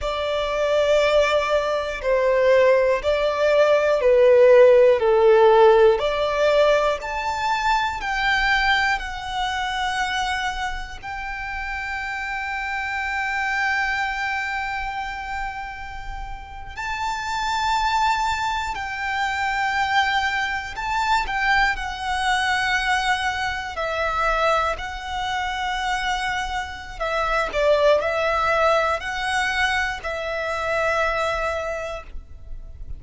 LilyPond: \new Staff \with { instrumentName = "violin" } { \time 4/4 \tempo 4 = 60 d''2 c''4 d''4 | b'4 a'4 d''4 a''4 | g''4 fis''2 g''4~ | g''1~ |
g''8. a''2 g''4~ g''16~ | g''8. a''8 g''8 fis''2 e''16~ | e''8. fis''2~ fis''16 e''8 d''8 | e''4 fis''4 e''2 | }